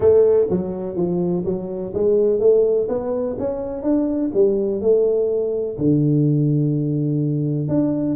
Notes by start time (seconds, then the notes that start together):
0.00 A3
0.50 F#3
0.95 F3
1.45 F#3
1.93 G#3
2.39 A3
2.88 B3
3.38 C#4
3.82 D4
4.34 G3
4.81 A3
5.78 D3
7.68 D4